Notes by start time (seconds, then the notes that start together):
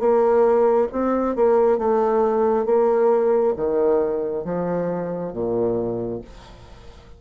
0.00 A#3
0.93 C4
1.36 A#3
1.78 A3
2.66 A#3
3.57 D#3
4.45 F3
5.33 A#2